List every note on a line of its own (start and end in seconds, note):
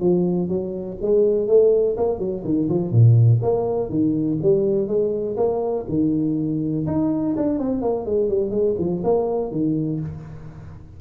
0.00 0.48 F3
0.48 0.97 F#3
1.02 1.48 G#3
1.48 1.96 A3
1.97 2.19 A#3
2.19 2.43 F#3
2.44 2.69 D#3
2.69 2.92 F3
2.92 3.40 A#2
3.43 3.90 A#3
3.90 4.39 D#3
4.42 4.88 G3
4.88 5.36 G#3
5.37 5.86 A#3
5.89 6.86 D#3
6.87 7.36 D#4
7.37 7.59 D4
7.59 7.82 C4
7.82 8.06 A#3
8.06 8.29 G#3
8.29 8.51 G3
8.51 8.75 G#3
8.79 9.03 F3
9.04 9.52 A#3
9.52 10.00 D#3